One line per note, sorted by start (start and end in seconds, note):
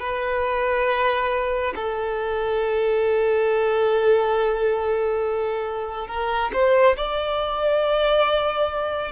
0.00 1.74 B4
1.75 6.08 A4
6.08 6.51 A#4
6.53 6.96 C5
6.96 9.12 D5